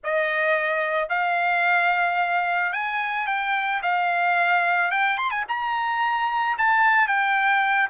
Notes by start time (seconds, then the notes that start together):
0.03 D#5
1.09 F5
2.72 G#5
3.27 G5
3.82 F5
4.91 G5
5.17 C6
5.31 G#5
5.48 A#5
6.58 A5
7.07 G5